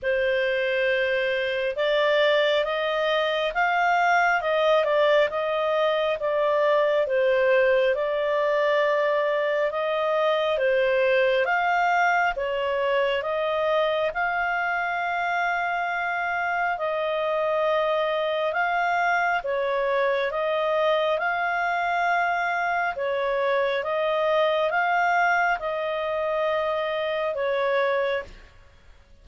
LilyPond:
\new Staff \with { instrumentName = "clarinet" } { \time 4/4 \tempo 4 = 68 c''2 d''4 dis''4 | f''4 dis''8 d''8 dis''4 d''4 | c''4 d''2 dis''4 | c''4 f''4 cis''4 dis''4 |
f''2. dis''4~ | dis''4 f''4 cis''4 dis''4 | f''2 cis''4 dis''4 | f''4 dis''2 cis''4 | }